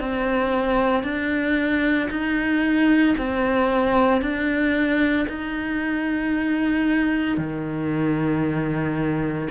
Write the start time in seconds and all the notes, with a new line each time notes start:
0.00 C4
1.03 D4
2.11 D#4
3.18 C4
4.22 D4
5.29 D#4
7.38 D#3